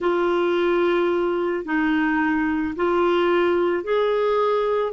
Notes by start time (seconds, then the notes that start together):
0.01 F4
1.64 D#4
2.75 F4
3.83 G#4